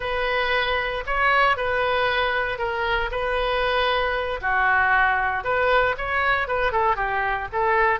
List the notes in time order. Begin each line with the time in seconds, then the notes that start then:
0.00 B4
1.06 C#5
1.57 B4
2.58 A#4
3.11 B4
4.41 F#4
5.43 B4
5.97 C#5
6.47 B4
6.72 A4
6.96 G4
7.52 A4